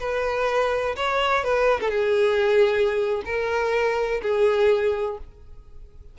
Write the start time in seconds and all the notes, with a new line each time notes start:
0.00 B4
0.96 C#5
1.44 B4
1.81 A4
1.91 G#4
3.26 A#4
4.22 G#4